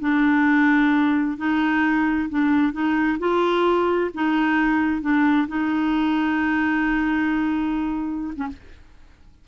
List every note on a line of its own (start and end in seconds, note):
0.00 1.37 D4
1.37 2.29 D#4
2.29 2.72 D4
2.72 3.18 D#4
3.19 4.10 F4
4.14 5.01 D#4
5.01 5.47 D4
5.48 8.34 D#4
8.36 8.47 C#4